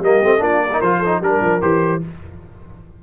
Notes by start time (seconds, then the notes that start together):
0.00 G3 A#3 G4 D#5
0.23 A3 C4
0.39 A#3 D4 F4 D5
0.64 A#4
0.73 D#4
0.82 F3 F4 C5
0.99 A4
1.05 D#4
1.21 G3 D4 A#4
1.42 F3
1.61 E3 G4 C5